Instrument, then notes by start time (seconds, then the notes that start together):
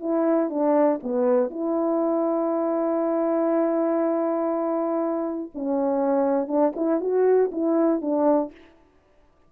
horn
0.00 E4
0.50 D4
1.03 B3
1.50 E4
5.55 C#4
6.48 D4
6.76 E4
7.01 F#4
7.52 E4
8.02 D4